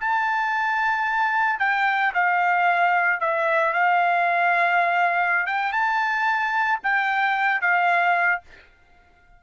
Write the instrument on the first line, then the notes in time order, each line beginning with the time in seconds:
trumpet
0.00 A5
1.59 G5
2.14 F5
3.20 E5
3.74 F5
5.46 G5
5.72 A5
6.84 G5
7.61 F5